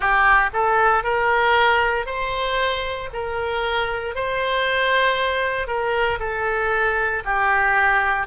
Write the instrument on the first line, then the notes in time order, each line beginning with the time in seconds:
oboe
0.00 G4
0.53 A4
1.03 A#4
2.05 C5
3.13 A#4
4.15 C5
5.67 A#4
6.19 A4
7.24 G4